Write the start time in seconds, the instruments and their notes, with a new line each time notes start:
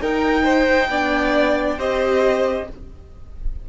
0.00 cello D#4, viola D#4, violin A#4 G5
0.43 violin C5
0.88 cello B3, viola D4, violin D5
1.77 cello C4, viola G4, violin C5 D#5